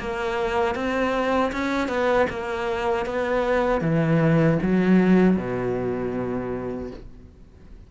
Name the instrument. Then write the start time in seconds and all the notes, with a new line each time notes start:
cello
0.00 A#3
0.75 C4
1.52 C#4
1.88 B3
2.30 A#3
3.06 B3
3.81 E3
4.62 F#3
5.37 B2